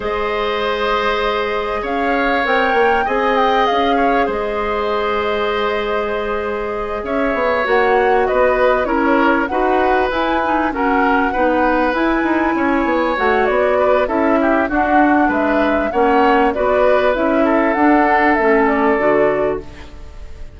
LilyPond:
<<
  \new Staff \with { instrumentName = "flute" } { \time 4/4 \tempo 4 = 98 dis''2. f''4 | g''4 gis''8 g''8 f''4 dis''4~ | dis''2.~ dis''8 e''8~ | e''8 fis''4 dis''4 cis''4 fis''8~ |
fis''8 gis''4 fis''2 gis''8~ | gis''4. fis''8 d''4 e''4 | fis''4 e''4 fis''4 d''4 | e''4 fis''4 e''8 d''4. | }
  \new Staff \with { instrumentName = "oboe" } { \time 4/4 c''2. cis''4~ | cis''4 dis''4. cis''8 c''4~ | c''2.~ c''8 cis''8~ | cis''4. b'4 ais'4 b'8~ |
b'4. ais'4 b'4.~ | b'8 cis''2 b'8 a'8 g'8 | fis'4 b'4 cis''4 b'4~ | b'8 a'2.~ a'8 | }
  \new Staff \with { instrumentName = "clarinet" } { \time 4/4 gis'1 | ais'4 gis'2.~ | gis'1~ | gis'8 fis'2 e'4 fis'8~ |
fis'8 e'8 dis'8 cis'4 dis'4 e'8~ | e'4. fis'4. e'4 | d'2 cis'4 fis'4 | e'4 d'4 cis'4 fis'4 | }
  \new Staff \with { instrumentName = "bassoon" } { \time 4/4 gis2. cis'4 | c'8 ais8 c'4 cis'4 gis4~ | gis2.~ gis8 cis'8 | b8 ais4 b4 cis'4 dis'8~ |
dis'8 e'4 fis'4 b4 e'8 | dis'8 cis'8 b8 a8 b4 cis'4 | d'4 gis4 ais4 b4 | cis'4 d'4 a4 d4 | }
>>